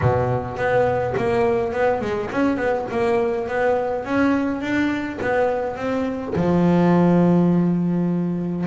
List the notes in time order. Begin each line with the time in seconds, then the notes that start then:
0.01 B2
0.56 B3
1.17 A#3
1.72 B3
2.01 G#3
2.31 C#4
2.56 B3
2.91 A#3
3.47 B3
4.04 C#4
4.61 D4
5.21 B3
5.76 C4
6.35 F3